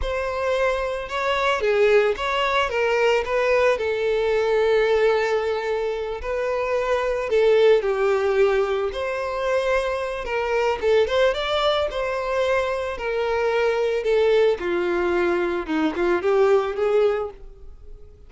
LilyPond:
\new Staff \with { instrumentName = "violin" } { \time 4/4 \tempo 4 = 111 c''2 cis''4 gis'4 | cis''4 ais'4 b'4 a'4~ | a'2.~ a'8 b'8~ | b'4. a'4 g'4.~ |
g'8 c''2~ c''8 ais'4 | a'8 c''8 d''4 c''2 | ais'2 a'4 f'4~ | f'4 dis'8 f'8 g'4 gis'4 | }